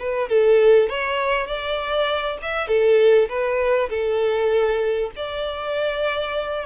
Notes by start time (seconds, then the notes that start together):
0.00 B4
0.29 A4
0.90 C#5
1.47 D5
2.42 E5
2.68 A4
3.29 B4
3.90 A4
5.16 D5